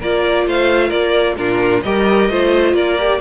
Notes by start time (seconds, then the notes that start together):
0.00 A#3 F4 A#4 D5
0.47 A3 C5 F5
0.88 A#3 A#4 D5
1.37 A#2 D4 F4 A#4
1.83 G3 G4 A#4 D#5
2.29 A3 F4 C5
2.73 A#3 A#4 D5
2.98 G4